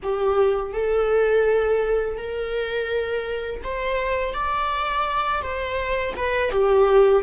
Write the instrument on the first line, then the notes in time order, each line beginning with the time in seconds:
viola
0.02 G4
0.72 A4
2.17 A#4
3.63 C5
4.33 D5
5.42 C5
6.16 B4
6.51 G4